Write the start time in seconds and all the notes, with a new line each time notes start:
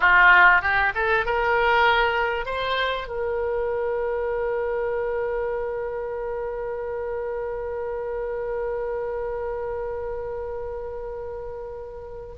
0.00 F4
0.61 G4
0.94 A4
1.25 A#4
2.45 C5
3.07 A#4